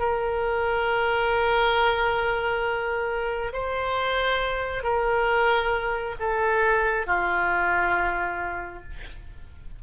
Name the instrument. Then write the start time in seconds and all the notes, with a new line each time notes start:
oboe
0.00 A#4
3.53 C5
4.84 A#4
6.20 A4
7.07 F4